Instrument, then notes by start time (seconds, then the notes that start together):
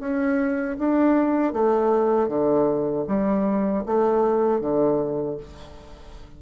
bassoon
0.00 C#4
0.79 D4
1.53 A3
2.28 D3
3.07 G3
3.86 A3
4.60 D3